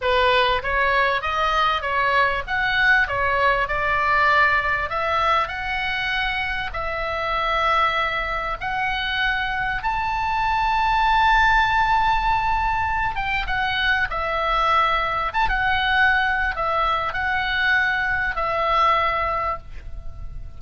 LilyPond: \new Staff \with { instrumentName = "oboe" } { \time 4/4 \tempo 4 = 98 b'4 cis''4 dis''4 cis''4 | fis''4 cis''4 d''2 | e''4 fis''2 e''4~ | e''2 fis''2 |
a''1~ | a''4. g''8 fis''4 e''4~ | e''4 a''16 fis''4.~ fis''16 e''4 | fis''2 e''2 | }